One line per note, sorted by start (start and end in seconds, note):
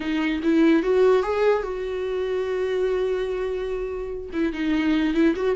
0.00 0.41 D#4
0.43 0.83 E4
0.83 1.22 F#4
1.22 1.63 G#4
1.63 4.30 F#4
4.32 4.53 E4
4.53 5.14 D#4
5.14 5.34 E4
5.35 5.55 F#4